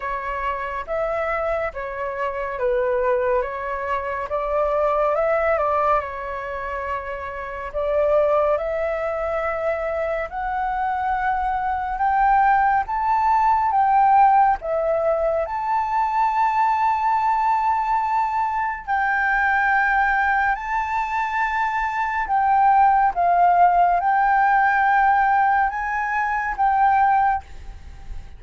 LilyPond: \new Staff \with { instrumentName = "flute" } { \time 4/4 \tempo 4 = 70 cis''4 e''4 cis''4 b'4 | cis''4 d''4 e''8 d''8 cis''4~ | cis''4 d''4 e''2 | fis''2 g''4 a''4 |
g''4 e''4 a''2~ | a''2 g''2 | a''2 g''4 f''4 | g''2 gis''4 g''4 | }